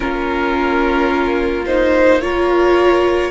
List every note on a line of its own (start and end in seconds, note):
0.00 3.31 A#3
0.00 1.64 C#4
0.00 2.19 F4
0.00 1.65 A#4
1.66 2.21 D#4
1.66 2.21 C5
2.21 3.31 F4
2.21 3.31 A#4
2.21 3.31 C#5